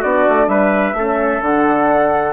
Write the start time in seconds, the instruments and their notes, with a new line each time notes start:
0.00 bassoon B3, horn D4, trumpet F#4, flute D5
0.29 bassoon A3
0.48 bassoon G3, trumpet B4, flute E5
0.94 bassoon A3, horn C#4, trumpet A4
1.42 bassoon D3, horn D4, flute F#5